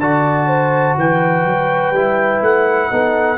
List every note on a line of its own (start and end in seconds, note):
0.00 0.96 D3
0.00 1.95 F#4
0.00 0.48 D5
0.00 0.97 A5
0.48 0.96 C5
0.96 1.44 E3
0.96 2.91 B4
0.96 2.43 G5
1.44 1.91 F#3
1.91 2.39 G3
1.91 2.91 E4
2.41 2.89 A3
2.41 3.37 F#5
2.91 3.37 B3
2.91 3.37 D#4
2.91 3.37 A4